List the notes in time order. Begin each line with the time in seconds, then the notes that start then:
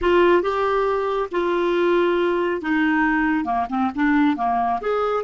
0.01 F4
0.42 G4
1.31 F4
2.61 D#4
3.45 A#3
3.69 C4
3.95 D4
4.36 A#3
4.81 G#4